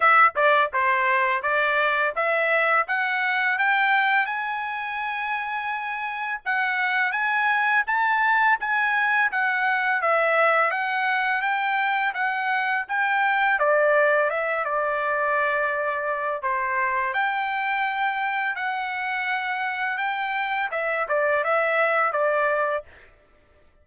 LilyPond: \new Staff \with { instrumentName = "trumpet" } { \time 4/4 \tempo 4 = 84 e''8 d''8 c''4 d''4 e''4 | fis''4 g''4 gis''2~ | gis''4 fis''4 gis''4 a''4 | gis''4 fis''4 e''4 fis''4 |
g''4 fis''4 g''4 d''4 | e''8 d''2~ d''8 c''4 | g''2 fis''2 | g''4 e''8 d''8 e''4 d''4 | }